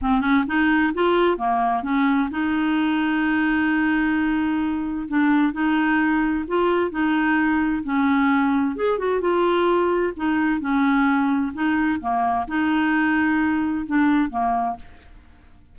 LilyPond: \new Staff \with { instrumentName = "clarinet" } { \time 4/4 \tempo 4 = 130 c'8 cis'8 dis'4 f'4 ais4 | cis'4 dis'2.~ | dis'2. d'4 | dis'2 f'4 dis'4~ |
dis'4 cis'2 gis'8 fis'8 | f'2 dis'4 cis'4~ | cis'4 dis'4 ais4 dis'4~ | dis'2 d'4 ais4 | }